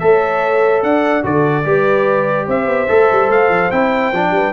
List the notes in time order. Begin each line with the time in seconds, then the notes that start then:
0.00 A3 A4 C#5 E5
0.83 D4 D5 F#5
1.23 D3 F#4 A4 D5
1.65 G3 G4 B4
2.46 C4 C5 E5
2.67 B3
2.89 A3 A4
3.12 G3
3.29 A3 F5
3.49 F3
3.71 C4 E4 G5
4.12 F3 D4
4.31 G3 B4